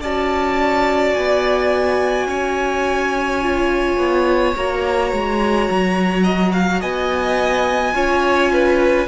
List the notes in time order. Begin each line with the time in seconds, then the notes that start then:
0.00 C#4 F#4 D5 A5
1.15 B3 G#5
2.26 C#4 C#5
3.42 F4
3.98 B3
4.55 A#3 F#4 A#5
5.12 G#3
5.70 F#3
6.23 D#5
6.53 F5
6.80 B3 D#5 G#5
7.93 C#4 F4 C#5
8.52 B4